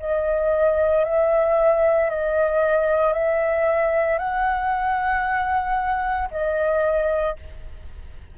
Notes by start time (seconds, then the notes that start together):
0.00 D#5
1.05 E5
2.10 D#5
3.13 E5
4.19 F#5
6.32 D#5